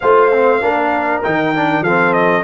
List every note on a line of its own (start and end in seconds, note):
0.00 0.62 A3
0.00 0.32 F4
0.00 0.62 C5
0.00 1.22 F5
0.32 0.61 C4
0.61 1.23 A#3
0.61 1.23 D4
0.61 1.83 A#4
1.23 1.80 D#3
1.23 1.54 D#4
1.23 1.83 G5
1.54 1.85 D4
1.80 2.42 F3
1.80 2.44 C4
1.80 2.44 A4
1.80 2.13 F5
2.13 2.43 D#5